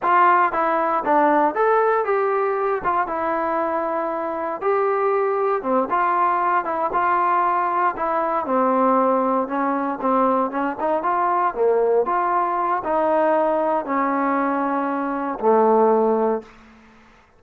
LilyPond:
\new Staff \with { instrumentName = "trombone" } { \time 4/4 \tempo 4 = 117 f'4 e'4 d'4 a'4 | g'4. f'8 e'2~ | e'4 g'2 c'8 f'8~ | f'4 e'8 f'2 e'8~ |
e'8 c'2 cis'4 c'8~ | c'8 cis'8 dis'8 f'4 ais4 f'8~ | f'4 dis'2 cis'4~ | cis'2 a2 | }